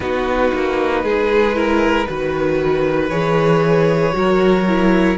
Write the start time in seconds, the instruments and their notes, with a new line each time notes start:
0.00 cello B3, viola D#4, violin F#4 B4
0.54 cello A#3
1.03 cello G#3, violin G#4
1.53 viola E4, violin A#4
2.08 cello D#3, viola F#4, violin B4
3.09 cello E3, viola G#4, violin C#5
4.12 cello F#3, viola F#4, violin A#4
4.67 viola E4